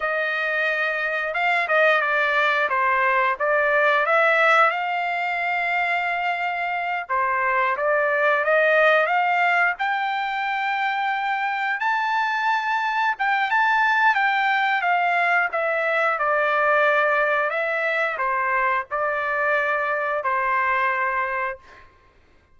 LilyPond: \new Staff \with { instrumentName = "trumpet" } { \time 4/4 \tempo 4 = 89 dis''2 f''8 dis''8 d''4 | c''4 d''4 e''4 f''4~ | f''2~ f''8 c''4 d''8~ | d''8 dis''4 f''4 g''4.~ |
g''4. a''2 g''8 | a''4 g''4 f''4 e''4 | d''2 e''4 c''4 | d''2 c''2 | }